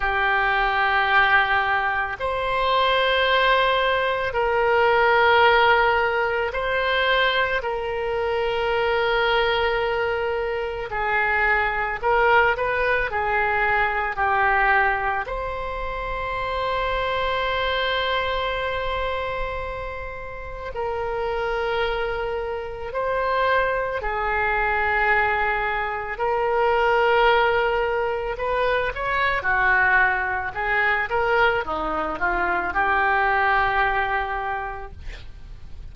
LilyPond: \new Staff \with { instrumentName = "oboe" } { \time 4/4 \tempo 4 = 55 g'2 c''2 | ais'2 c''4 ais'4~ | ais'2 gis'4 ais'8 b'8 | gis'4 g'4 c''2~ |
c''2. ais'4~ | ais'4 c''4 gis'2 | ais'2 b'8 cis''8 fis'4 | gis'8 ais'8 dis'8 f'8 g'2 | }